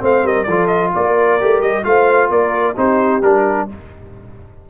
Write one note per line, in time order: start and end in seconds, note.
0.00 0.23 A3
0.00 0.46 C4
0.00 0.24 C5
0.00 0.27 F5
0.23 0.46 G3
0.23 0.47 A#4
0.23 0.44 D#5
0.44 0.93 F3
0.44 0.92 A4
0.44 0.67 D5
0.51 1.41 F4
0.67 0.90 D#5
0.94 1.42 A#3
0.94 1.86 A#4
0.94 1.62 D5
1.41 1.60 A3
1.41 1.84 G4
1.60 1.83 G3
1.60 1.84 D#5
1.84 2.30 A3
1.84 2.75 F4
1.84 2.31 C5
1.84 2.31 F5
2.30 2.76 A#3
2.30 2.77 A#4
2.30 2.77 D5
2.77 3.22 C4
2.77 3.22 D#4
2.77 3.70 G4
2.77 3.23 C5
3.22 3.68 G3
3.22 3.69 D4
3.22 3.68 A#4